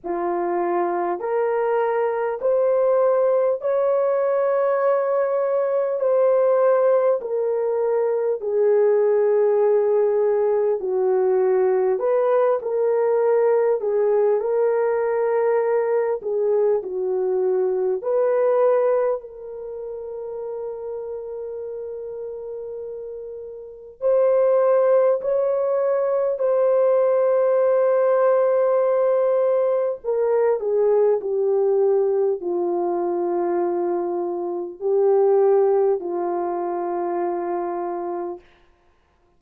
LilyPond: \new Staff \with { instrumentName = "horn" } { \time 4/4 \tempo 4 = 50 f'4 ais'4 c''4 cis''4~ | cis''4 c''4 ais'4 gis'4~ | gis'4 fis'4 b'8 ais'4 gis'8 | ais'4. gis'8 fis'4 b'4 |
ais'1 | c''4 cis''4 c''2~ | c''4 ais'8 gis'8 g'4 f'4~ | f'4 g'4 f'2 | }